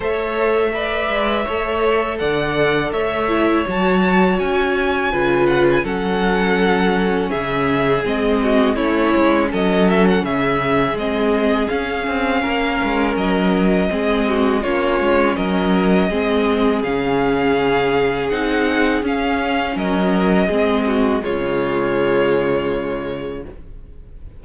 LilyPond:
<<
  \new Staff \with { instrumentName = "violin" } { \time 4/4 \tempo 4 = 82 e''2. fis''4 | e''4 a''4 gis''4. fis''16 gis''16 | fis''2 e''4 dis''4 | cis''4 dis''8 e''16 fis''16 e''4 dis''4 |
f''2 dis''2 | cis''4 dis''2 f''4~ | f''4 fis''4 f''4 dis''4~ | dis''4 cis''2. | }
  \new Staff \with { instrumentName = "violin" } { \time 4/4 cis''4 d''4 cis''4 d''4 | cis''2. b'4 | a'2 gis'4. fis'8 | e'4 a'4 gis'2~ |
gis'4 ais'2 gis'8 fis'8 | f'4 ais'4 gis'2~ | gis'2. ais'4 | gis'8 fis'8 f'2. | }
  \new Staff \with { instrumentName = "viola" } { \time 4/4 a'4 b'4 a'2~ | a'8 e'8 fis'2 f'4 | cis'2. c'4 | cis'2. c'4 |
cis'2. c'4 | cis'2 c'4 cis'4~ | cis'4 dis'4 cis'2 | c'4 gis2. | }
  \new Staff \with { instrumentName = "cello" } { \time 4/4 a4. gis8 a4 d4 | a4 fis4 cis'4 cis4 | fis2 cis4 gis4 | a8 gis8 fis4 cis4 gis4 |
cis'8 c'8 ais8 gis8 fis4 gis4 | ais8 gis8 fis4 gis4 cis4~ | cis4 c'4 cis'4 fis4 | gis4 cis2. | }
>>